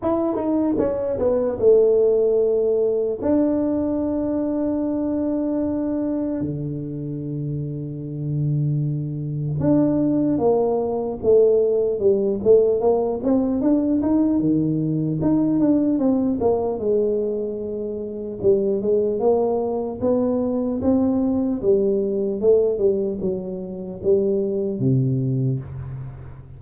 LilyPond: \new Staff \with { instrumentName = "tuba" } { \time 4/4 \tempo 4 = 75 e'8 dis'8 cis'8 b8 a2 | d'1 | d1 | d'4 ais4 a4 g8 a8 |
ais8 c'8 d'8 dis'8 dis4 dis'8 d'8 | c'8 ais8 gis2 g8 gis8 | ais4 b4 c'4 g4 | a8 g8 fis4 g4 c4 | }